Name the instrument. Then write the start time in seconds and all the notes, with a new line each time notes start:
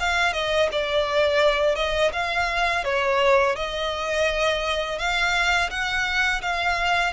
violin
0.00 F5
0.33 D#5
0.72 D5
1.75 D#5
2.13 F5
2.84 C#5
3.56 D#5
4.98 F5
5.70 F#5
6.42 F5